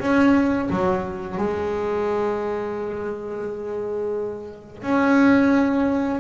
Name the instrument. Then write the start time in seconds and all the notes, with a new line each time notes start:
double bass
0.00 C#4
0.70 F#3
1.38 G#3
4.82 C#4